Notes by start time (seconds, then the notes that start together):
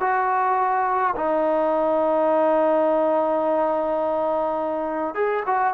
0.00 F#4
1.15 D#4
5.14 G#4
5.46 F#4